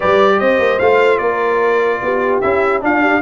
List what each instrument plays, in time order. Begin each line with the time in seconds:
0.00 tuba G3, trombone G4, horn B4, trumpet D5
0.39 tuba C4, horn C5, trumpet D#5
0.59 tuba A#3
0.79 tuba A3, trombone F4, trumpet F5
1.18 tuba A#3, horn A#4, trumpet D5
2.01 tuba B3, horn G4
2.41 tuba C#4, trombone E4, trumpet E5
2.81 trombone D4, tuba D4, horn F4, trumpet F5
3.01 horn G4